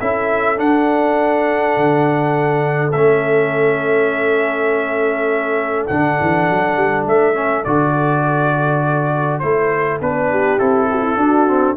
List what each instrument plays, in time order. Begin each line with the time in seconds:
0.00 tuba C#4, trombone E4, horn A4, trumpet E5
0.56 trombone D4, tuba D4, trumpet F#5
1.76 tuba D3
2.91 tuba A3, trombone C#4, trumpet E5
5.87 tuba D3, trombone D4, trumpet F#5
6.20 tuba E3
6.49 tuba F#3
6.76 tuba G3
7.05 tuba A3, trumpet E5
7.34 trombone C#4
7.64 tuba D3, trombone F#4, trumpet D5
9.39 tuba A3, trombone E4, trumpet C5
10.00 tuba B3, trombone D4, trumpet B4
10.30 horn G4
10.58 tuba C4, trombone E4, trumpet A4
10.90 horn F#4
11.03 horn E4
11.17 tuba D4, trombone D4, horn F#4
11.47 trombone C4